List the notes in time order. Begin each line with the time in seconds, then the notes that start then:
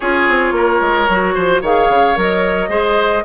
0.00 C#4 F4 G#4 C#5
0.28 C4
0.51 A#3 A#4
0.81 G#3
1.08 F#3 F#4
1.34 F3 C5
1.61 D#3 G#4 C#5 F5
1.88 C#3
2.15 F#3 A#4 D#5
2.68 G#3 G#4 C5